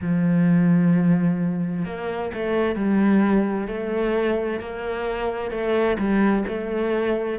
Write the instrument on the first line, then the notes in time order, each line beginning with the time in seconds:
cello
0.01 F3
1.85 A#3
2.33 A3
2.75 G3
3.67 A3
4.59 A#3
5.50 A3
5.98 G3
6.47 A3